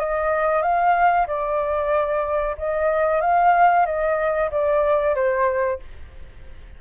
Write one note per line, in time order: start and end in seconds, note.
0.00 0.62 D#5
0.62 1.27 F5
1.27 2.56 D5
2.58 3.22 D#5
3.22 3.86 F5
3.86 4.51 D#5
4.51 5.16 D5
5.16 5.80 C5